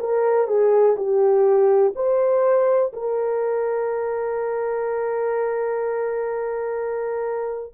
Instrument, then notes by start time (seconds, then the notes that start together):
horn
0.00 A#4
0.48 G#4
0.96 G4
1.96 C5
2.93 A#4